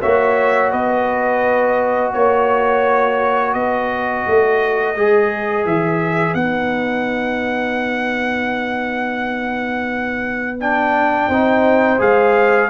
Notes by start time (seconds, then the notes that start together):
0.00 A#3 F#4 C#5 E5
0.71 B3 B4 D#5
2.12 A#3 C#5
3.53 B3 B4 D#5
4.26 A3
4.95 G#3 G#4
5.65 E3 E5
6.34 B3 D#4 F#5
10.60 D4 G5
11.27 C4 D#4 C5
11.98 G#3 G#4 F5